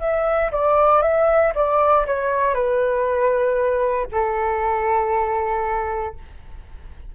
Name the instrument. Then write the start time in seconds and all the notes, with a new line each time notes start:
flute
0.00 E5
0.52 D5
1.02 E5
1.55 D5
2.06 C#5
2.54 B4
4.11 A4